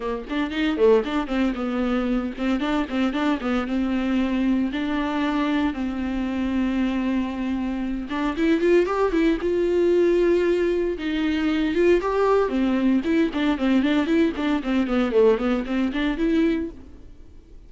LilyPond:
\new Staff \with { instrumentName = "viola" } { \time 4/4 \tempo 4 = 115 ais8 d'8 dis'8 a8 d'8 c'8 b4~ | b8 c'8 d'8 c'8 d'8 b8 c'4~ | c'4 d'2 c'4~ | c'2.~ c'8 d'8 |
e'8 f'8 g'8 e'8 f'2~ | f'4 dis'4. f'8 g'4 | c'4 e'8 d'8 c'8 d'8 e'8 d'8 | c'8 b8 a8 b8 c'8 d'8 e'4 | }